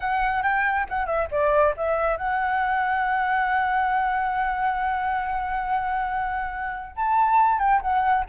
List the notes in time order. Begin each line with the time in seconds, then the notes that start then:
0.00 F#5
0.42 G5
0.89 F#5
1.06 E5
1.31 D5
1.76 E5
2.17 F#5
6.96 A5
7.58 G5
7.81 F#5